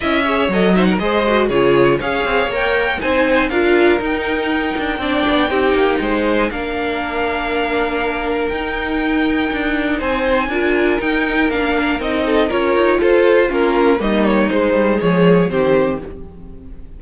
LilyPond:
<<
  \new Staff \with { instrumentName = "violin" } { \time 4/4 \tempo 4 = 120 e''4 dis''8 e''16 fis''16 dis''4 cis''4 | f''4 g''4 gis''4 f''4 | g''1~ | g''8. gis''16 f''2.~ |
f''4 g''2. | gis''2 g''4 f''4 | dis''4 cis''4 c''4 ais'4 | dis''8 cis''8 c''4 cis''4 c''4 | }
  \new Staff \with { instrumentName = "violin" } { \time 4/4 dis''8 cis''4 c''16 ais'16 c''4 gis'4 | cis''2 c''4 ais'4~ | ais'2 d''4 g'4 | c''4 ais'2.~ |
ais'1 | c''4 ais'2.~ | ais'8 a'8 ais'4 a'4 f'4 | dis'2 gis'4 g'4 | }
  \new Staff \with { instrumentName = "viola" } { \time 4/4 e'8 gis'8 a'8 dis'8 gis'8 fis'8 f'4 | gis'4 ais'4 dis'4 f'4 | dis'2 d'4 dis'4~ | dis'4 d'2.~ |
d'4 dis'2.~ | dis'4 f'4 dis'4 d'4 | dis'4 f'2 cis'4 | ais4 gis2 c'4 | }
  \new Staff \with { instrumentName = "cello" } { \time 4/4 cis'4 fis4 gis4 cis4 | cis'8 c'8 ais4 c'4 d'4 | dis'4. d'8 c'8 b8 c'8 ais8 | gis4 ais2.~ |
ais4 dis'2 d'4 | c'4 d'4 dis'4 ais4 | c'4 cis'8 dis'8 f'4 ais4 | g4 gis8 g8 f4 dis4 | }
>>